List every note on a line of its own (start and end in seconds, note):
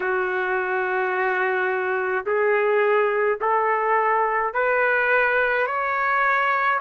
0.00 2.25 F#4
2.25 3.39 G#4
3.41 4.53 A4
4.53 5.67 B4
5.67 6.80 C#5